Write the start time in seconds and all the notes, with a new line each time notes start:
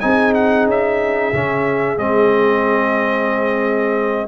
0.00 C4 D#4 G#4 G#5
0.34 F#5
0.66 C#4 E5
1.33 C#3 C#4
1.98 G#3 C4 D#5